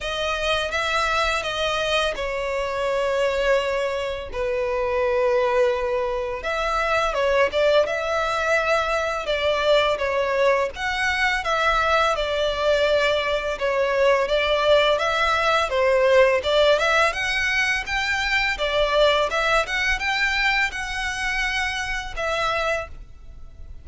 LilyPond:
\new Staff \with { instrumentName = "violin" } { \time 4/4 \tempo 4 = 84 dis''4 e''4 dis''4 cis''4~ | cis''2 b'2~ | b'4 e''4 cis''8 d''8 e''4~ | e''4 d''4 cis''4 fis''4 |
e''4 d''2 cis''4 | d''4 e''4 c''4 d''8 e''8 | fis''4 g''4 d''4 e''8 fis''8 | g''4 fis''2 e''4 | }